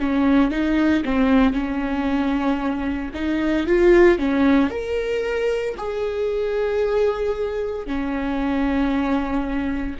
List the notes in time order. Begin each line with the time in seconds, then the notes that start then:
0.00 C#4
0.52 D#4
1.05 C4
1.54 C#4
3.15 D#4
3.67 F4
4.19 C#4
4.70 A#4
5.78 G#4
7.87 C#4